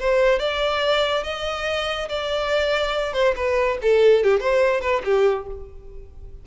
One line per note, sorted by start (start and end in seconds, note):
0.00 0.40 C5
0.40 1.24 D5
1.24 2.09 D#5
2.09 3.14 D5
3.14 3.35 C5
3.36 3.79 B4
3.82 4.24 A4
4.24 4.41 G4
4.41 4.81 C5
4.81 5.02 B4
5.05 5.47 G4